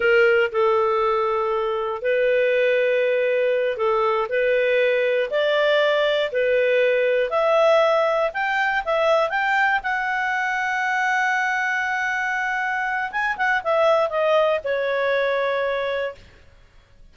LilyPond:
\new Staff \with { instrumentName = "clarinet" } { \time 4/4 \tempo 4 = 119 ais'4 a'2. | b'2.~ b'8 a'8~ | a'8 b'2 d''4.~ | d''8 b'2 e''4.~ |
e''8 g''4 e''4 g''4 fis''8~ | fis''1~ | fis''2 gis''8 fis''8 e''4 | dis''4 cis''2. | }